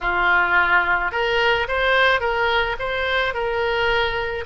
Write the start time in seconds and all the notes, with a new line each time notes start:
0.01 F4
1.11 A#4
1.68 C5
2.20 A#4
2.79 C5
3.33 A#4